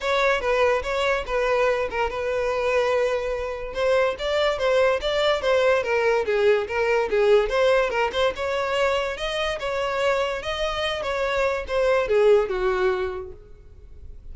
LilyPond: \new Staff \with { instrumentName = "violin" } { \time 4/4 \tempo 4 = 144 cis''4 b'4 cis''4 b'4~ | b'8 ais'8 b'2.~ | b'4 c''4 d''4 c''4 | d''4 c''4 ais'4 gis'4 |
ais'4 gis'4 c''4 ais'8 c''8 | cis''2 dis''4 cis''4~ | cis''4 dis''4. cis''4. | c''4 gis'4 fis'2 | }